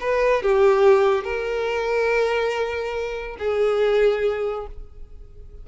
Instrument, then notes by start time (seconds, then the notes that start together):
violin
0.00 B4
0.42 G4
1.24 A#4
3.39 G#4